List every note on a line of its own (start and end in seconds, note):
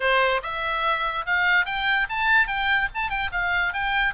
0.00 0.41 C5
0.43 1.25 E5
1.26 1.65 F5
1.65 2.07 G5
2.09 2.47 A5
2.47 2.88 G5
2.94 3.09 A5
3.09 3.30 G5
3.32 3.73 F5
3.73 4.14 G5